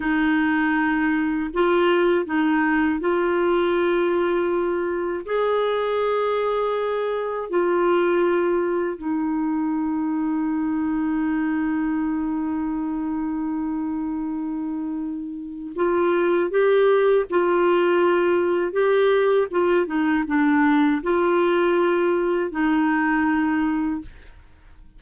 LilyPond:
\new Staff \with { instrumentName = "clarinet" } { \time 4/4 \tempo 4 = 80 dis'2 f'4 dis'4 | f'2. gis'4~ | gis'2 f'2 | dis'1~ |
dis'1~ | dis'4 f'4 g'4 f'4~ | f'4 g'4 f'8 dis'8 d'4 | f'2 dis'2 | }